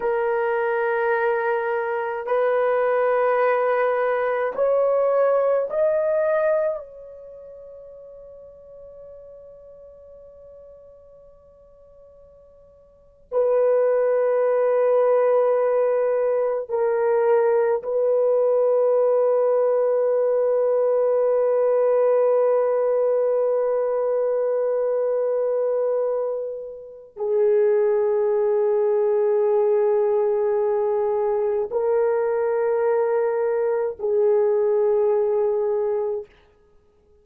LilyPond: \new Staff \with { instrumentName = "horn" } { \time 4/4 \tempo 4 = 53 ais'2 b'2 | cis''4 dis''4 cis''2~ | cis''2.~ cis''8. b'16~ | b'2~ b'8. ais'4 b'16~ |
b'1~ | b'1 | gis'1 | ais'2 gis'2 | }